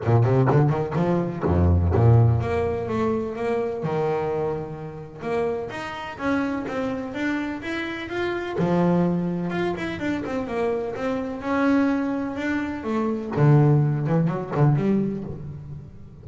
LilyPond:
\new Staff \with { instrumentName = "double bass" } { \time 4/4 \tempo 4 = 126 ais,8 c8 d8 dis8 f4 f,4 | ais,4 ais4 a4 ais4 | dis2. ais4 | dis'4 cis'4 c'4 d'4 |
e'4 f'4 f2 | f'8 e'8 d'8 c'8 ais4 c'4 | cis'2 d'4 a4 | d4. e8 fis8 d8 g4 | }